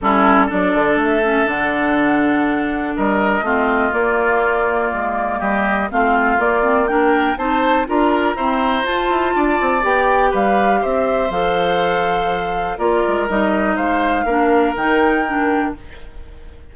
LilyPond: <<
  \new Staff \with { instrumentName = "flute" } { \time 4/4 \tempo 4 = 122 a'4 d''4 e''4 fis''4~ | fis''2 dis''2 | d''2. dis''4 | f''4 d''4 g''4 a''4 |
ais''2 a''2 | g''4 f''4 e''4 f''4~ | f''2 d''4 dis''4 | f''2 g''2 | }
  \new Staff \with { instrumentName = "oboe" } { \time 4/4 e'4 a'2.~ | a'2 ais'4 f'4~ | f'2. g'4 | f'2 ais'4 c''4 |
ais'4 c''2 d''4~ | d''4 b'4 c''2~ | c''2 ais'2 | c''4 ais'2. | }
  \new Staff \with { instrumentName = "clarinet" } { \time 4/4 cis'4 d'4. cis'8 d'4~ | d'2. c'4 | ais1 | c'4 ais8 c'8 d'4 dis'4 |
f'4 c'4 f'2 | g'2. a'4~ | a'2 f'4 dis'4~ | dis'4 d'4 dis'4 d'4 | }
  \new Staff \with { instrumentName = "bassoon" } { \time 4/4 g4 fis8 d8 a4 d4~ | d2 g4 a4 | ais2 gis4 g4 | a4 ais2 c'4 |
d'4 e'4 f'8 e'8 d'8 c'8 | b4 g4 c'4 f4~ | f2 ais8 gis8 g4 | gis4 ais4 dis2 | }
>>